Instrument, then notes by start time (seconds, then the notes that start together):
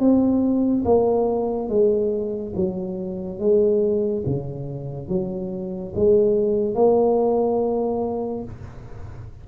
tuba
0.00 C4
0.85 A#3
1.69 G#3
2.56 F#3
3.40 G#3
4.26 C#3
5.09 F#3
5.96 G#3
6.75 A#3